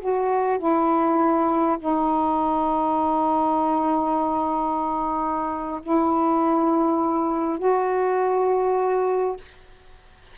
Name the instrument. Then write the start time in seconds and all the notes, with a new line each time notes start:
saxophone
0.00 F#4
0.59 E4
1.80 D#4
5.83 E4
7.59 F#4